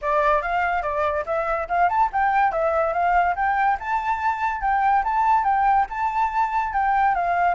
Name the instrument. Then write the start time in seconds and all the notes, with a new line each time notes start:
flute
0.01 D5
0.42 F5
0.82 D5
1.26 E5
1.68 F5
1.89 A5
2.12 G5
2.52 E5
2.93 F5
3.35 G5
3.79 A5
4.61 G5
5.03 A5
5.44 G5
5.89 A5
6.73 G5
7.15 F5